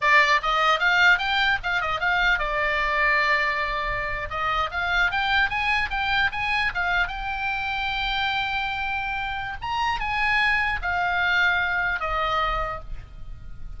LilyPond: \new Staff \with { instrumentName = "oboe" } { \time 4/4 \tempo 4 = 150 d''4 dis''4 f''4 g''4 | f''8 dis''8 f''4 d''2~ | d''2~ d''8. dis''4 f''16~ | f''8. g''4 gis''4 g''4 gis''16~ |
gis''8. f''4 g''2~ g''16~ | g''1 | ais''4 gis''2 f''4~ | f''2 dis''2 | }